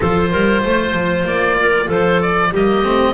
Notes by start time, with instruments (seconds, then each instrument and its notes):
0.00 double bass F3, cello F4, clarinet A4, oboe C5
0.31 double bass G3, clarinet A#4
0.63 double bass A3, clarinet C5
0.92 double bass F3
1.24 double bass A#3, oboe D5
1.60 clarinet A#4
1.86 double bass F3, clarinet A4, oboe C5
2.21 oboe D5
2.51 double bass G3, cello A#3, clarinet G4, oboe D#5
2.82 double bass A3, cello C4